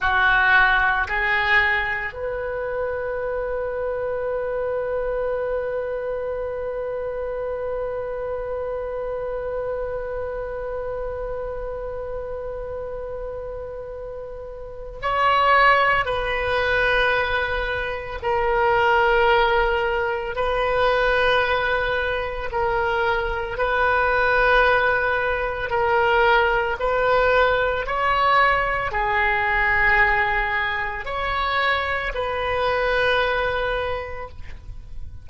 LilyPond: \new Staff \with { instrumentName = "oboe" } { \time 4/4 \tempo 4 = 56 fis'4 gis'4 b'2~ | b'1~ | b'1~ | b'2 cis''4 b'4~ |
b'4 ais'2 b'4~ | b'4 ais'4 b'2 | ais'4 b'4 cis''4 gis'4~ | gis'4 cis''4 b'2 | }